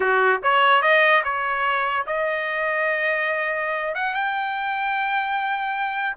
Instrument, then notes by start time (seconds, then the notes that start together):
trumpet
0.00 F#4
0.43 C#5
0.82 D#5
1.24 C#5
2.06 D#5
3.95 F#5
4.14 G5